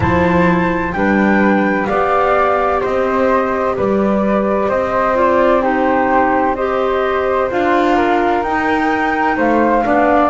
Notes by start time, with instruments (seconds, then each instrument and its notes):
0.00 double bass F3, clarinet E4, flute C5 A5
0.92 double bass G3, clarinet D4, flute B4 G5
1.86 double bass B3, clarinet G4, flute D5 F5
2.81 double bass C4, flute C5 D#5
3.76 double bass G3, flute B4 D5
4.68 double bass C4, flute C5 D#5
5.14 clarinet F4, flute D5
5.61 clarinet D#4, flute G4 C5
6.55 clarinet G4, flute C5 D#5
7.50 double bass D4, clarinet F4, flute F5
7.96 flute A#4
8.43 double bass D#4, clarinet D#4, flute G5
9.37 double bass A3, flute C5 F5
9.83 double bass B3, clarinet D4, flute D5